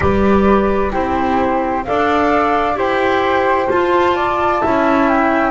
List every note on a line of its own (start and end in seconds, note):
0.00 0.93 G3
0.00 0.91 G4
0.00 0.91 B4
0.00 0.92 D5
0.91 1.87 C4
0.91 1.83 E4
0.91 1.83 G4
0.91 1.84 C5
1.84 2.76 D4
1.84 2.74 A4
1.84 2.77 D5
1.84 2.76 F5
2.74 3.68 E4
2.74 3.67 G4
2.74 4.15 C5
2.74 3.70 G5
3.70 4.62 F4
3.70 5.08 A5
4.15 4.61 D5
4.61 5.51 C#4
4.61 5.51 E4
4.61 5.51 E5
5.08 5.51 G5